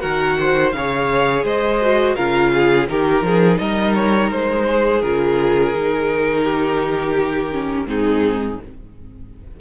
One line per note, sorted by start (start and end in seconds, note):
0.00 0.74 D#3
0.00 0.72 F#4
0.00 0.37 A#4
0.00 0.71 F#5
0.40 0.76 C5
0.72 1.44 C#3
0.72 1.82 G#4
0.72 1.45 C#5
0.72 1.43 F5
1.44 2.15 G#3
1.44 2.15 C5
1.44 2.15 D#5
1.82 2.18 F#4
2.15 2.90 C#3
2.15 2.88 F4
2.15 2.51 A#4
2.15 2.87 F5
2.54 2.90 G#4
2.88 3.22 D#3
2.88 5.02 D#4
2.88 3.26 G4
2.88 3.58 A#4
3.22 3.58 F3
3.22 3.60 G#4
3.58 4.32 G3
3.58 4.66 A#4
3.58 3.94 D#5
3.95 4.31 C#5
4.31 5.03 G#3
4.31 5.02 C5
4.66 6.43 G#4
5.02 5.74 C#3
5.02 5.74 F4
5.02 7.87 A#4
5.74 7.85 D#3
5.74 7.52 D#4
6.43 7.86 G4
7.52 7.87 C#4
7.85 8.57 G#2
7.85 8.58 C4
7.85 8.61 D#4
7.85 8.60 G#4